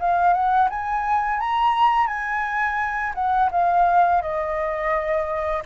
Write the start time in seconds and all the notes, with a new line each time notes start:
0.00 F5
0.33 F#5
0.70 G#5
1.40 A#5
2.08 G#5
3.15 F#5
3.52 F5
4.22 D#5